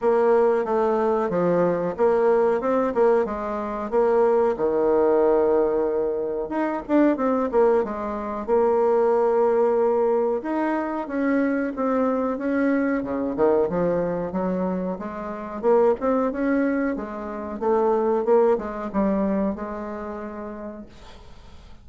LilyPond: \new Staff \with { instrumentName = "bassoon" } { \time 4/4 \tempo 4 = 92 ais4 a4 f4 ais4 | c'8 ais8 gis4 ais4 dis4~ | dis2 dis'8 d'8 c'8 ais8 | gis4 ais2. |
dis'4 cis'4 c'4 cis'4 | cis8 dis8 f4 fis4 gis4 | ais8 c'8 cis'4 gis4 a4 | ais8 gis8 g4 gis2 | }